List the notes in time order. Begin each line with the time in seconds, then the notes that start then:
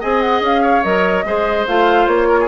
0.00 C4 G#4 D#5 G#5
0.20 F#5
0.41 C#4 F5
0.62 C#5
0.83 F#3 A#4 D#5
1.24 G#3 G#4 C5
1.67 A3 F4 F5
2.07 A#3 C#5
2.28 A#4
2.40 G#4